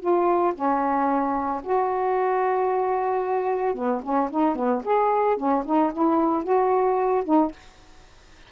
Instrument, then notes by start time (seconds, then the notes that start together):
saxophone
0.00 F4
0.55 C#4
1.63 F#4
3.75 B3
4.03 C#4
4.31 D#4
4.56 B3
4.85 G#4
5.37 C#4
5.65 D#4
5.93 E4
6.44 F#4
7.25 D#4